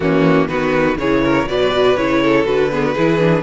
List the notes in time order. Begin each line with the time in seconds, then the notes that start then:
0.00 E3 A#3 C#4 F#4
0.47 D#3 B3 F#4 B4
0.97 C#3 E3 G#4 C#5
1.23 A#4
1.46 B2 F#3 B4 D5
1.71 F#4
1.96 C#3 E4 C#5
2.22 A4
2.45 D3 F#4 B4
2.71 B3 G#4
2.85 F#4
2.94 E3 E4 G#4
3.19 D4